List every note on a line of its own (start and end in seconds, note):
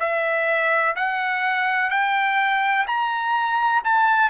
0.00 0.95 E5
0.96 1.90 F#5
1.90 2.86 G5
2.87 3.82 A#5
3.84 4.30 A5